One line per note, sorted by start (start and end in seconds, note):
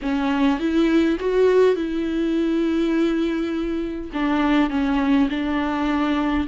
0.02 0.59 C#4
0.59 1.18 E4
1.19 1.75 F#4
1.75 4.10 E4
4.13 4.70 D4
4.70 5.28 C#4
5.29 6.47 D4